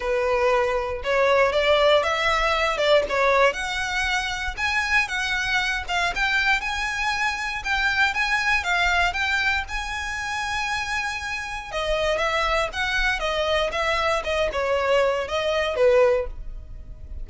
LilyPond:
\new Staff \with { instrumentName = "violin" } { \time 4/4 \tempo 4 = 118 b'2 cis''4 d''4 | e''4. d''8 cis''4 fis''4~ | fis''4 gis''4 fis''4. f''8 | g''4 gis''2 g''4 |
gis''4 f''4 g''4 gis''4~ | gis''2. dis''4 | e''4 fis''4 dis''4 e''4 | dis''8 cis''4. dis''4 b'4 | }